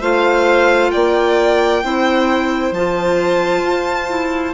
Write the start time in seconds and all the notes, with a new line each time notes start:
0.00 A3 F4 C5 F5
0.91 A#3 D5 G5
1.83 C4 E4 C5
2.72 F3 F4 A5
3.62 F4
4.09 E4